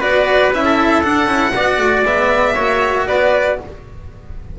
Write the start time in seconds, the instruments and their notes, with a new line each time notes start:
0.00 double bass B3, cello F#4, trumpet B4, violin D5
0.53 double bass C#4, cello E4, violin E5
0.65 trumpet A4
1.03 cello D4, double bass D4, violin F#5
1.26 double bass C#4, cello E4
1.55 double bass B3, cello F#4, trumpet D5
1.79 double bass A3
2.04 double bass G#3, cello B3, violin E5
2.55 double bass A#3, cello F#4, trumpet C#5
3.08 double bass B3, trumpet B4, violin D5